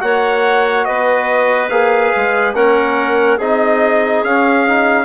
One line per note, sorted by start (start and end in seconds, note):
0.00 0.87 A#3
0.00 1.69 F#4
0.00 0.87 C#5
0.00 0.85 F#5
0.85 1.70 B3
0.85 2.56 B4
0.85 1.69 D#5
1.69 2.12 A#3
1.69 2.55 G#4
1.69 2.54 F5
2.16 2.54 G#3
2.54 3.39 A#3
2.54 3.40 C#4
2.54 3.37 A#4
2.54 3.39 F#5
3.37 4.23 C4
3.37 4.25 D#4
3.37 5.05 G#4
3.37 4.24 D#5
4.23 5.05 C#4
4.23 4.67 C#4
4.23 5.05 F5
4.67 5.05 D#4